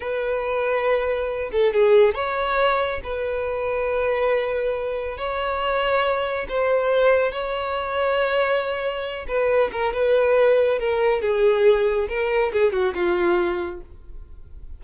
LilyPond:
\new Staff \with { instrumentName = "violin" } { \time 4/4 \tempo 4 = 139 b'2.~ b'8 a'8 | gis'4 cis''2 b'4~ | b'1 | cis''2. c''4~ |
c''4 cis''2.~ | cis''4. b'4 ais'8 b'4~ | b'4 ais'4 gis'2 | ais'4 gis'8 fis'8 f'2 | }